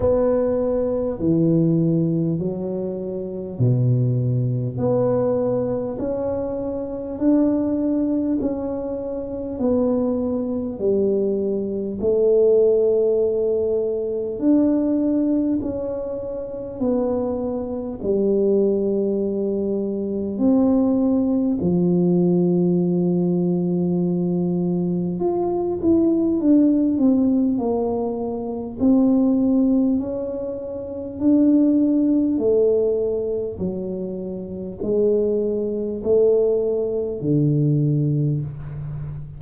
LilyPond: \new Staff \with { instrumentName = "tuba" } { \time 4/4 \tempo 4 = 50 b4 e4 fis4 b,4 | b4 cis'4 d'4 cis'4 | b4 g4 a2 | d'4 cis'4 b4 g4~ |
g4 c'4 f2~ | f4 f'8 e'8 d'8 c'8 ais4 | c'4 cis'4 d'4 a4 | fis4 gis4 a4 d4 | }